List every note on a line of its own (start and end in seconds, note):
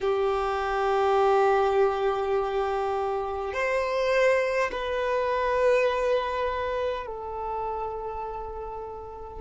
0.00 3.53 G4
3.53 4.71 C5
4.71 7.06 B4
7.06 9.40 A4